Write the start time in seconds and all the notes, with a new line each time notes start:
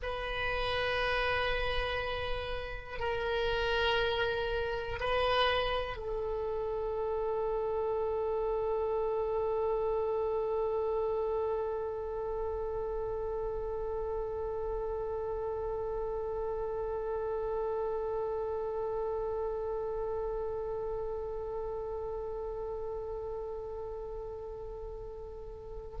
0.02 B4
2.99 A#4
5.00 B4
5.96 A4